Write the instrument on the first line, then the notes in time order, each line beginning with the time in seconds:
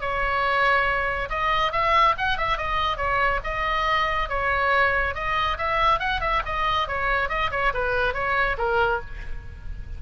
oboe
0.00 C#5
1.29 D#5
1.72 E5
2.17 F#5
2.37 E5
2.57 D#5
2.97 C#5
3.43 D#5
4.28 C#5
5.14 D#5
5.58 E5
5.99 F#5
6.20 E5
6.45 D#5
6.87 C#5
7.29 D#5
7.51 C#5
7.74 B4
8.13 C#5
8.57 A#4